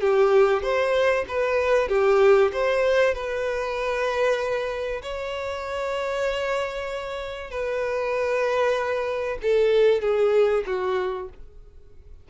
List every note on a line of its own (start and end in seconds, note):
0.00 0.62 G4
0.62 1.25 C5
1.28 1.88 B4
1.88 2.51 G4
2.52 3.14 C5
3.14 5.01 B4
5.02 7.50 C#5
7.50 9.38 B4
9.42 10.01 A4
10.01 10.63 G#4
10.66 11.28 F#4